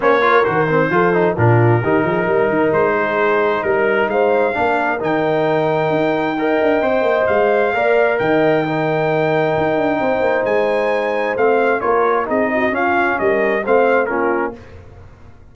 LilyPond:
<<
  \new Staff \with { instrumentName = "trumpet" } { \time 4/4 \tempo 4 = 132 cis''4 c''2 ais'4~ | ais'2 c''2 | ais'4 f''2 g''4~ | g''1 |
f''2 g''2~ | g''2. gis''4~ | gis''4 f''4 cis''4 dis''4 | f''4 dis''4 f''4 ais'4 | }
  \new Staff \with { instrumentName = "horn" } { \time 4/4 c''8 ais'4. a'4 f'4 | g'8 gis'8 ais'4. gis'4. | ais'4 c''4 ais'2~ | ais'2 dis''2~ |
dis''4 d''4 dis''4 ais'4~ | ais'2 c''2~ | c''2 ais'4 gis'8 fis'8 | f'4 ais'4 c''4 f'4 | }
  \new Staff \with { instrumentName = "trombone" } { \time 4/4 cis'8 f'8 fis'8 c'8 f'8 dis'8 d'4 | dis'1~ | dis'2 d'4 dis'4~ | dis'2 ais'4 c''4~ |
c''4 ais'2 dis'4~ | dis'1~ | dis'4 c'4 f'4 dis'4 | cis'2 c'4 cis'4 | }
  \new Staff \with { instrumentName = "tuba" } { \time 4/4 ais4 dis4 f4 ais,4 | dis8 f8 g8 dis8 gis2 | g4 gis4 ais4 dis4~ | dis4 dis'4. d'8 c'8 ais8 |
gis4 ais4 dis2~ | dis4 dis'8 d'8 c'8 ais8 gis4~ | gis4 a4 ais4 c'4 | cis'4 g4 a4 ais4 | }
>>